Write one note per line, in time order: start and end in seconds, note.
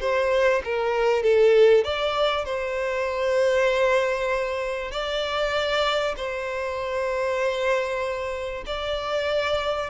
0.00 0.62 C5
0.64 1.23 A#4
1.23 1.84 A4
1.84 2.45 D5
2.45 4.91 C5
4.91 6.15 D5
6.16 8.64 C5
8.66 9.89 D5